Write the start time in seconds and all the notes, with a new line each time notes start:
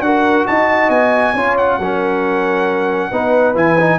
0.00 D4 F#4 A#4 F#5
0.47 D#4 D#5 A5
0.89 B3 G#5
1.34 C#4 F4 C#5
1.57 F#5
1.78 F#3 C#4 A#4
3.11 B3 D#4 B4
3.55 E3 E4 G#5
3.79 D#4